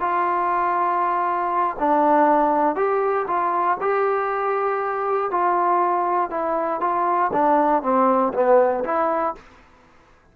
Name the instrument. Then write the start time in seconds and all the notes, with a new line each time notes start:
trombone
0.00 F4
1.79 D4
2.75 G4
3.27 F4
3.81 G4
5.31 F4
6.30 E4
6.80 F4
7.33 D4
7.82 C4
8.34 B3
8.84 E4